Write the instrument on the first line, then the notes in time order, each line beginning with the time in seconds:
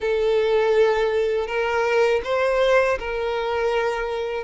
violin
0.00 A4
1.46 A#4
2.24 C5
2.99 A#4